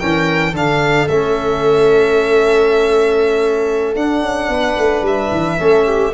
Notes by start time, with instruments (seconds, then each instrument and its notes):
0.00 tuba E3, trombone C#4, viola A#4, violin G5
0.52 tuba D3, trombone D4, viola A4, violin F5
1.08 tuba A3, trombone C#4, violin E5
3.96 tuba D4, trombone D4, violin F#5
4.22 tuba C#4
4.49 tuba B3, viola B4
4.78 tuba A3
5.02 tuba G3, violin E5
5.32 tuba E3
5.59 tuba A3, trombone C#4, viola A4
5.85 viola G4